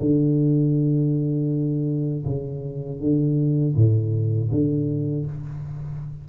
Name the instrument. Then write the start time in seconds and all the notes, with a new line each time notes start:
tuba
0.00 D3
2.25 C#3
3.00 D3
3.75 A2
4.51 D3